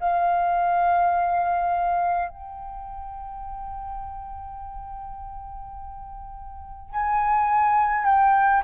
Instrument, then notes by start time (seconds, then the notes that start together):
flute
0.00 F5
2.29 G5
6.91 G#5
8.05 G5